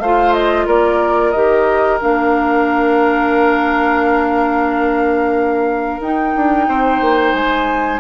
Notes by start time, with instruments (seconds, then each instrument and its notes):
0.00 bassoon A3, clarinet F4, oboe C5, flute F5
0.34 flute D#5
0.67 bassoon A#3, oboe A#4, flute D5
1.32 bassoon D#3, clarinet G4, flute D#5
2.00 bassoon A#3, clarinet D4, flute F5
6.01 bassoon D#4, clarinet D#4, flute G5
6.36 bassoon D4
6.69 bassoon C4, oboe C5
7.01 bassoon A#3
7.34 bassoon G#3, flute G#5